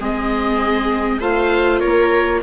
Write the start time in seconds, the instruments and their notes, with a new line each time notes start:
0.00 bassoon G#3, viola C4 G#4, oboe D#5
1.20 bassoon A3, viola F4 C5, oboe F5
1.80 bassoon A#3, viola A#4, oboe C#5